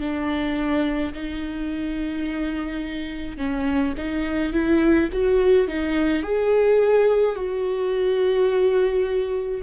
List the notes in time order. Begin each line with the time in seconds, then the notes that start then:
0.00 D4
1.13 D#4
3.37 C#4
3.97 D#4
4.52 E4
5.12 F#4
5.68 D#4
6.23 G#4
7.35 F#4